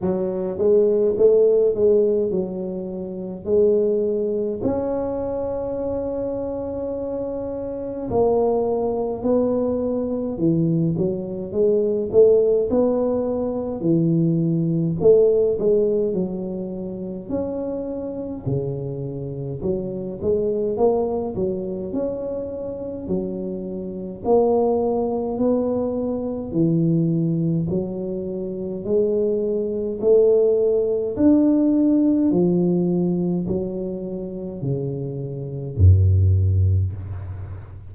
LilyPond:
\new Staff \with { instrumentName = "tuba" } { \time 4/4 \tempo 4 = 52 fis8 gis8 a8 gis8 fis4 gis4 | cis'2. ais4 | b4 e8 fis8 gis8 a8 b4 | e4 a8 gis8 fis4 cis'4 |
cis4 fis8 gis8 ais8 fis8 cis'4 | fis4 ais4 b4 e4 | fis4 gis4 a4 d'4 | f4 fis4 cis4 fis,4 | }